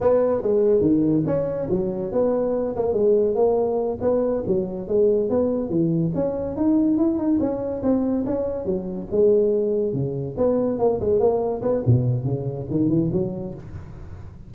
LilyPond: \new Staff \with { instrumentName = "tuba" } { \time 4/4 \tempo 4 = 142 b4 gis4 dis4 cis'4 | fis4 b4. ais8 gis4 | ais4. b4 fis4 gis8~ | gis8 b4 e4 cis'4 dis'8~ |
dis'8 e'8 dis'8 cis'4 c'4 cis'8~ | cis'8 fis4 gis2 cis8~ | cis8 b4 ais8 gis8 ais4 b8 | b,4 cis4 dis8 e8 fis4 | }